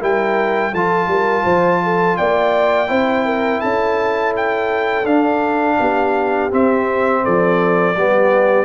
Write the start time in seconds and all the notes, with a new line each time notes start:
0.00 G3 E4 A#4 G5
0.73 F3 F4 A4 A5
1.08 G3 A#4
1.44 F3 C5
1.84 A4
2.17 A#3 D5 G5
2.88 C4 E4 C5
3.26 A#4
3.61 C#4 A4 A5
4.37 G5
5.05 D4 F5
5.80 B3 G4
6.51 C4 E5
7.24 F3 A4 D5
7.96 G3 B3 G4